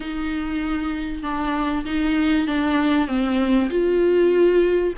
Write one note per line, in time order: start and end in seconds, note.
0.00 1.23 D#4
1.23 1.84 D4
1.85 2.47 D#4
2.47 3.07 D4
3.07 3.69 C4
3.69 4.93 F4